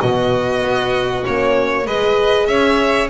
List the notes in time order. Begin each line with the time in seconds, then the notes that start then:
0.00 B2 B3 F#4 D#5
0.62 B3
1.23 A#3 C#4 C#5
1.85 G#3 G#4 B4 D#5
2.46 C#4 C#5 E5